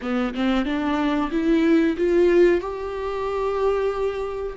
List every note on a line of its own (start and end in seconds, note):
0.01 0.34 B3
0.34 0.65 C4
0.65 1.30 D4
1.31 1.96 E4
1.97 2.61 F4
2.61 4.56 G4